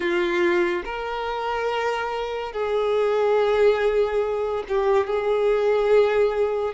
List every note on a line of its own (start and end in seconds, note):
0.00 0.83 F4
0.85 2.52 A#4
2.52 4.63 G#4
4.68 5.06 G4
5.06 6.73 G#4